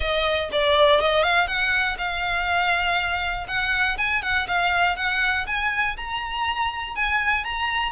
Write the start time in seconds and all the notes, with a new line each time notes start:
0.00 D#5
0.52 D5
1.00 D#5
1.23 F5
1.47 F#5
1.98 F5
3.47 F#5
3.97 G#5
4.22 F#5
4.47 F5
4.96 F#5
5.47 G#5
5.97 A#5
6.95 G#5
7.44 A#5